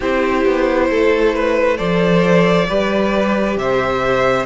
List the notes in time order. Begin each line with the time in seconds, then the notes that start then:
0.00 C4 E4 G4 C5
0.45 B3
0.90 A3 A4
1.35 B4
1.77 F3 A4 C5 D5
2.68 G3 G4 B4
3.56 C3 C5 E5